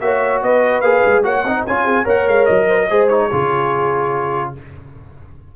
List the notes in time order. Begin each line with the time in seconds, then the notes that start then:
0.00 A#3 F#4 C#5 E5
0.42 B3 B4 D#5
0.81 A#3 G#4 F5
1.05 G#3
1.23 A#3 F#4 C#5 F#5
1.43 C4 D#4 D#5
1.66 C#4 F4 C#5 G#5
1.84 C4 G#4
2.04 A#3 A#4 C#5 F#5
2.27 G#3 F5
2.45 F#3 D#5
2.68 C5
2.78 A#4
2.90 G#3 G#4 C5
3.07 D#4 C#5
3.30 C#3 F4 G#4